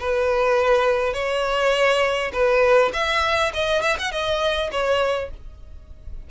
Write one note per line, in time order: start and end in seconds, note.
0.00 1.13 B4
1.13 2.31 C#5
2.33 2.91 B4
2.93 3.52 E5
3.53 3.82 D#5
3.82 3.97 E5
3.99 4.11 F#5
4.11 4.70 D#5
4.71 5.30 C#5